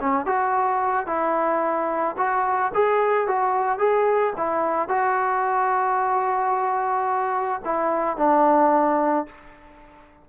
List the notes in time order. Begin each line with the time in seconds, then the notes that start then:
0.00 C#4
0.25 F#4
1.06 E4
2.17 F#4
2.74 G#4
3.27 F#4
3.78 G#4
4.37 E4
4.88 F#4
7.64 E4
8.17 D4